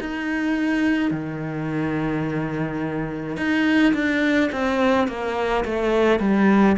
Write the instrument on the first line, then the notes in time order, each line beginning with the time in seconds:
cello
0.00 D#4
1.11 D#3
3.36 D#4
3.93 D4
4.51 C4
5.07 A#3
5.64 A3
6.19 G3